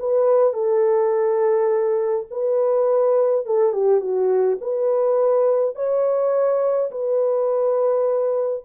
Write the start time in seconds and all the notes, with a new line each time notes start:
0.00 B4
0.54 A4
2.31 B4
3.46 A4
3.73 G4
4.01 F#4
4.62 B4
5.76 C#5
6.91 B4